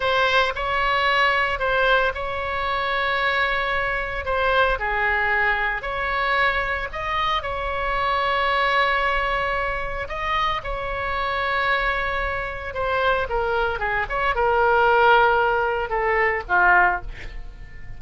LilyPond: \new Staff \with { instrumentName = "oboe" } { \time 4/4 \tempo 4 = 113 c''4 cis''2 c''4 | cis''1 | c''4 gis'2 cis''4~ | cis''4 dis''4 cis''2~ |
cis''2. dis''4 | cis''1 | c''4 ais'4 gis'8 cis''8 ais'4~ | ais'2 a'4 f'4 | }